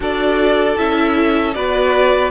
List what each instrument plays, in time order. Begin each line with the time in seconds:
0.00 cello D4, viola F#4, violin A4 D5
0.76 cello C#4, viola E4, violin E5
1.54 cello B3, viola F#4, violin B4 D5